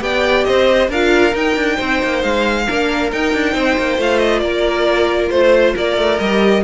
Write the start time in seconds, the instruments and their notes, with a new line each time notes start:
0.00 cello B3, viola G4, violin D5 G5
0.44 cello C4, violin C5 D#5
0.89 cello D4, viola F4, violin A#4 F5
1.33 viola D#4, cello D#4, violin G5
1.56 cello D4
1.76 cello C4, violin C5
2.04 cello A#3
2.22 cello G#3, violin F5
2.67 cello A#3, viola D4, violin A#4
3.12 viola D#4, cello D#4, violin G5
3.33 cello D4
3.53 cello C4, violin C5
3.78 cello A#3
3.98 cello A3, viola F4, violin F5
4.18 violin D#5
4.39 cello A#3, violin A#4 D5
5.30 cello A3, violin C5
5.75 cello A#3, violin A#4 D5
5.97 cello A3
6.19 cello G3, viola G4, violin D#5